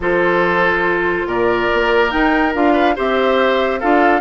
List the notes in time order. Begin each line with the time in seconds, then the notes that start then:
0.00 F3 F4 A4 C5
1.26 A#2 A#4 D5
1.73 A#3
2.10 D#4 G5
2.53 D4 F4 F5
2.72 B4
2.95 C4 G4 C5 E5
3.79 D4 F4 A4 F5